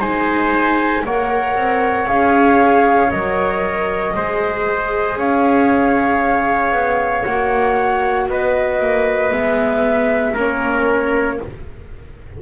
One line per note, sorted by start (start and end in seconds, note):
0.00 1.04 G#3
0.00 1.05 D#4
0.00 1.03 C5
0.00 1.05 G#5
1.05 1.56 A#3
1.05 2.07 A#4
1.05 4.16 C#5
1.05 2.08 F#5
1.56 2.08 C4
2.07 3.12 C#4
2.07 3.10 G#4
2.07 3.11 F5
3.11 4.16 F#3
3.11 4.15 A#4
3.11 5.18 D#5
4.16 5.17 G#3
4.16 7.26 G#4
4.16 5.18 C5
5.17 6.72 C#4
5.17 8.28 C#5
5.17 7.25 F5
6.72 7.24 B3
7.25 8.29 A#3
7.25 9.32 F#4
7.25 8.28 F#5
8.29 8.80 B3
8.29 10.34 B4
8.29 9.33 D#5
8.80 9.32 A#3
9.32 10.35 G#3
9.32 10.35 B3
9.32 10.37 E5
10.34 11.40 A#3
10.34 11.40 C#4
10.34 11.37 A#4
10.34 11.42 C#5